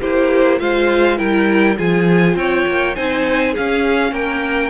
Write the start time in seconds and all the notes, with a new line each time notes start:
0.00 A#3 E4 G4 C5
0.59 G#3 F4 C5 F5
1.17 G3 E4 A#4 G5
1.76 F3 F4 G#4 G#5
2.35 C4 C#5 G5
2.67 A#3
2.95 C4 D#4 C5 G#5
3.53 C#4 G#4 F5
3.59 C#4
4.12 A#3 A#4 G5